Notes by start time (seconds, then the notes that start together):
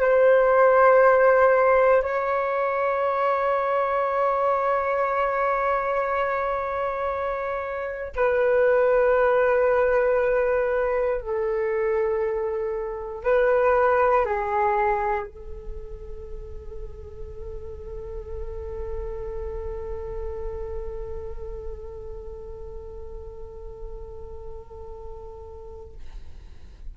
0.00 C5
2.02 C#5
8.15 B4
11.20 A4
13.23 B4
14.25 G#4
15.26 A4